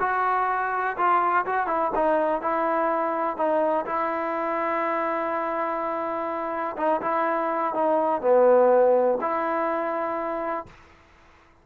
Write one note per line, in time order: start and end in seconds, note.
0.00 0.97 F#4
0.97 1.46 F4
1.46 1.67 F#4
1.67 1.91 E4
1.95 2.41 D#4
2.41 3.37 E4
3.37 3.86 D#4
3.86 6.77 E4
6.77 7.01 D#4
7.02 7.74 E4
7.75 8.22 D#4
8.22 9.18 B3
9.21 10.66 E4